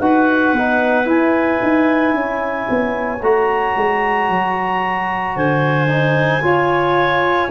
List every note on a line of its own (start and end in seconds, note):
0.00 0.53 D#4
0.00 0.56 F#4
0.00 2.15 B4
0.00 1.07 F#5
0.53 1.06 B3
0.53 1.05 D#4
1.05 3.19 E4
1.05 1.60 E4
1.05 3.23 G#5
1.62 2.14 D#4
2.14 2.67 C#4
2.14 5.36 C#5
2.70 3.22 B3
3.22 3.75 A3
3.22 5.87 F#4
3.22 5.37 A#5
3.77 4.29 G#3
4.29 5.36 F#3
5.36 6.43 D3
5.36 6.43 C5
5.36 7.51 G#5
5.87 6.41 D#4
6.42 7.49 F4
6.42 7.51 F4
6.42 7.51 C#5